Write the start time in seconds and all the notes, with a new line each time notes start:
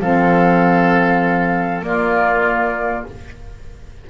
0.00 F3 C4 A4 F5
1.82 A#3 F4 D5